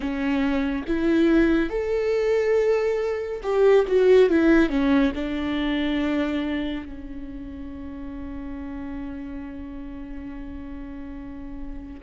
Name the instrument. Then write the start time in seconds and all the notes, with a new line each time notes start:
viola
0.00 C#4
0.87 E4
1.69 A4
3.42 G4
3.87 F#4
4.29 E4
4.69 C#4
5.14 D4
6.85 C#4